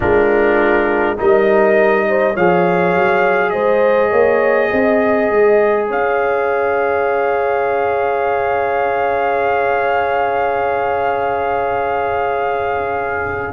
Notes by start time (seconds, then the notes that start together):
0.00 G#3 D4 F4 A#4
1.16 G3 D#4 A#4 D#5
2.08 C5
2.33 F3 G#4 C#5 F5
2.95 F#3
3.50 G#3 C5 D#5
4.10 A#3 C#5
4.69 C4 D#5
5.30 G#3
5.88 C#4 C#5 F5